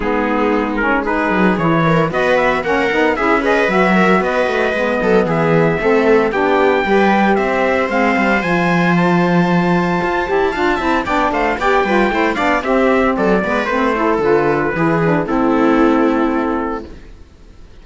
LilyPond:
<<
  \new Staff \with { instrumentName = "trumpet" } { \time 4/4 \tempo 4 = 114 gis'4. ais'8 b'4 cis''4 | dis''8 e''8 fis''4 e''8 dis''8 e''4 | dis''2 e''2 | g''2 e''4 f''4 |
gis''4 a''2.~ | a''4 g''8 f''8 g''4. f''8 | e''4 d''4 c''4 b'4~ | b'4 a'2. | }
  \new Staff \with { instrumentName = "viola" } { \time 4/4 dis'2 gis'4. ais'8 | b'4 ais'4 gis'8 b'4 ais'8 | b'4. a'8 gis'4 a'4 | g'4 b'4 c''2~ |
c''1 | f''8 e''8 d''8 c''8 d''8 b'8 c''8 d''8 | g'4 a'8 b'4 a'4. | gis'4 e'2. | }
  \new Staff \with { instrumentName = "saxophone" } { \time 4/4 b4. cis'8 dis'4 e'4 | fis'4 cis'8 dis'8 e'8 gis'8 fis'4~ | fis'4 b2 c'4 | d'4 g'2 c'4 |
f'2.~ f'8 g'8 | f'8 e'8 d'4 g'8 f'8 e'8 d'8 | c'4. b8 c'8 e'8 f'4 | e'8 d'8 c'2. | }
  \new Staff \with { instrumentName = "cello" } { \time 4/4 gis2~ gis8 fis8 e4 | b4 ais8 b8 cis'4 fis4 | b8 a8 gis8 fis8 e4 a4 | b4 g4 c'4 gis8 g8 |
f2. f'8 e'8 | d'8 c'8 b8 a8 b8 g8 a8 b8 | c'4 fis8 gis8 a4 d4 | e4 a2. | }
>>